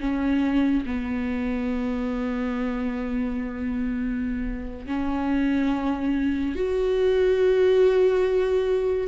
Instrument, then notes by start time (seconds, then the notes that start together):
viola
0.00 C#4
0.86 B3
4.87 C#4
6.55 F#4